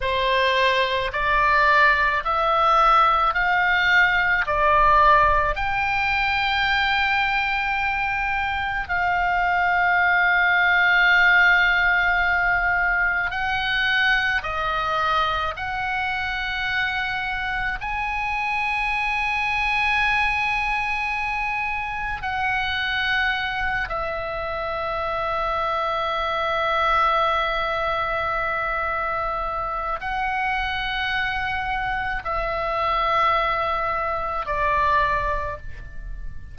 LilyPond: \new Staff \with { instrumentName = "oboe" } { \time 4/4 \tempo 4 = 54 c''4 d''4 e''4 f''4 | d''4 g''2. | f''1 | fis''4 dis''4 fis''2 |
gis''1 | fis''4. e''2~ e''8~ | e''2. fis''4~ | fis''4 e''2 d''4 | }